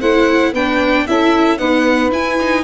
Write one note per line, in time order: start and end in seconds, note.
0.00 0.53 A3
0.00 0.54 E4
0.00 0.52 C5
0.00 0.53 F#5
0.52 1.06 B3
0.52 1.08 D4
0.52 1.05 B4
0.52 1.07 G5
1.07 1.59 C#4
1.07 1.58 E4
1.07 1.58 A4
1.07 1.58 E5
1.58 2.11 B3
1.58 2.11 D#4
1.58 2.63 B4
1.58 2.10 F#5
2.11 2.63 E4
2.11 2.38 E4
2.11 2.64 G#5
2.40 2.64 D#4